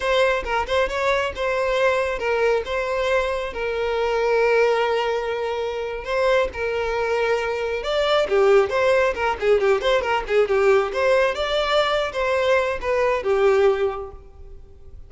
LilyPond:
\new Staff \with { instrumentName = "violin" } { \time 4/4 \tempo 4 = 136 c''4 ais'8 c''8 cis''4 c''4~ | c''4 ais'4 c''2 | ais'1~ | ais'4.~ ais'16 c''4 ais'4~ ais'16~ |
ais'4.~ ais'16 d''4 g'4 c''16~ | c''8. ais'8 gis'8 g'8 c''8 ais'8 gis'8 g'16~ | g'8. c''4 d''4.~ d''16 c''8~ | c''4 b'4 g'2 | }